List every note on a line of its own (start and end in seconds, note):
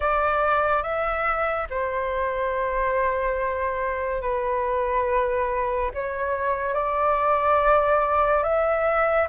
0.00 0.83 D5
0.83 1.67 E5
1.70 4.21 C5
4.21 5.90 B4
5.94 6.74 C#5
6.74 8.43 D5
8.43 9.27 E5